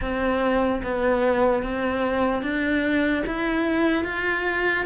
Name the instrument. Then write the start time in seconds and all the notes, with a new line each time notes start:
cello
0.01 C4
0.83 B3
1.62 C4
2.42 D4
3.26 E4
4.04 F4